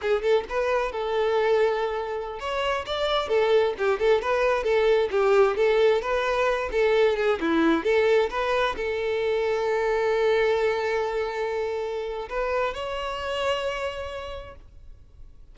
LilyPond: \new Staff \with { instrumentName = "violin" } { \time 4/4 \tempo 4 = 132 gis'8 a'8 b'4 a'2~ | a'4~ a'16 cis''4 d''4 a'8.~ | a'16 g'8 a'8 b'4 a'4 g'8.~ | g'16 a'4 b'4. a'4 gis'16~ |
gis'16 e'4 a'4 b'4 a'8.~ | a'1~ | a'2. b'4 | cis''1 | }